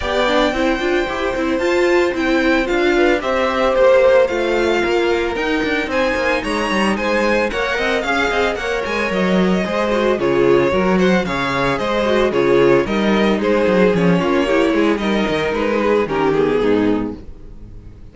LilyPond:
<<
  \new Staff \with { instrumentName = "violin" } { \time 4/4 \tempo 4 = 112 g''2. a''4 | g''4 f''4 e''4 c''4 | f''2 g''4 gis''4 | ais''4 gis''4 fis''4 f''4 |
fis''8 gis''8 dis''2 cis''4~ | cis''8 fis''8 f''4 dis''4 cis''4 | dis''4 c''4 cis''2 | dis''4 b'4 ais'8 gis'4. | }
  \new Staff \with { instrumentName = "violin" } { \time 4/4 d''4 c''2.~ | c''4. b'8 c''2~ | c''4 ais'2 c''4 | cis''4 c''4 cis''8 dis''8 f''8 dis''8 |
cis''2 c''4 gis'4 | ais'8 c''8 cis''4 c''4 gis'4 | ais'4 gis'4. f'8 g'8 gis'8 | ais'4. gis'8 g'4 dis'4 | }
  \new Staff \with { instrumentName = "viola" } { \time 4/4 g'8 d'8 e'8 f'8 g'8 e'8 f'4 | e'4 f'4 g'2 | f'2 dis'2~ | dis'2 ais'4 gis'4 |
ais'2 gis'8 fis'8 f'4 | fis'4 gis'4. fis'8 f'4 | dis'2 cis'4 e'4 | dis'2 cis'8 b4. | }
  \new Staff \with { instrumentName = "cello" } { \time 4/4 b4 c'8 d'8 e'8 c'8 f'4 | c'4 d'4 c'4 ais4 | a4 ais4 dis'8 d'8 c'8 ais8 | gis8 g8 gis4 ais8 c'8 cis'8 c'8 |
ais8 gis8 fis4 gis4 cis4 | fis4 cis4 gis4 cis4 | g4 gis8 fis8 f8 ais4 gis8 | g8 dis8 gis4 dis4 gis,4 | }
>>